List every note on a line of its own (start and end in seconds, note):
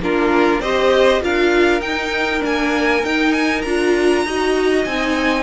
0.00 0.60 A#3
0.00 0.63 D4
0.00 0.61 F4
0.00 0.61 A#4
0.60 1.21 C4
0.60 1.21 G4
0.60 1.22 C5
0.60 1.22 D#5
1.21 1.81 D4
1.21 1.81 F4
1.21 4.26 A#4
1.21 1.81 F5
1.81 2.41 D#4
1.81 2.40 D#4
1.81 2.42 G5
2.40 3.03 A#3
2.40 3.00 D4
2.40 3.05 G#5
3.03 3.64 D#4
3.03 3.66 D#4
3.03 3.32 G5
3.32 3.61 G#5
3.61 4.25 D4
3.61 4.26 F4
3.61 4.83 A#5
4.25 4.86 D#4
4.25 4.86 F#4
4.25 5.43 D#5
4.85 5.43 C4
4.85 5.43 D#4
4.85 5.43 G#5